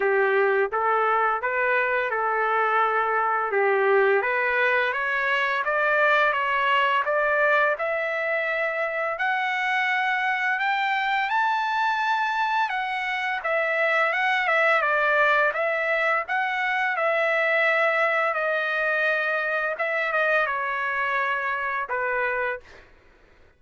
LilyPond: \new Staff \with { instrumentName = "trumpet" } { \time 4/4 \tempo 4 = 85 g'4 a'4 b'4 a'4~ | a'4 g'4 b'4 cis''4 | d''4 cis''4 d''4 e''4~ | e''4 fis''2 g''4 |
a''2 fis''4 e''4 | fis''8 e''8 d''4 e''4 fis''4 | e''2 dis''2 | e''8 dis''8 cis''2 b'4 | }